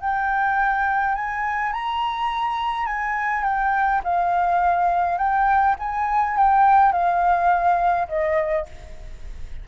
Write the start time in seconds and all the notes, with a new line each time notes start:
0.00 G5
1.15 G#5
1.72 A#5
2.86 G#5
3.43 G5
4.04 F5
5.17 G5
5.79 G#5
6.36 G5
6.92 F5
8.08 D#5